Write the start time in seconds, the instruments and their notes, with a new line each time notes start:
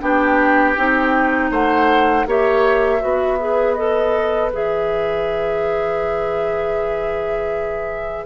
0.00 bassoon B3, clarinet D4, oboe G4, flute G5
0.77 bassoon C4, clarinet D#4
1.50 bassoon A3, oboe C5, flute F#5
2.26 bassoon A#3, clarinet G4, oboe C#5, flute E5
3.00 bassoon B3, clarinet F#4, oboe B4
3.39 clarinet G#4
3.74 clarinet A4, flute D#5
4.51 bassoon E3, clarinet G#4, flute E5